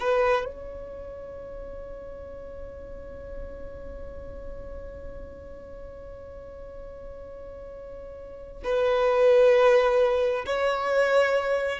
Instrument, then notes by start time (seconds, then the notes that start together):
violin
0.00 B4
0.45 C#5
8.64 B4
10.46 C#5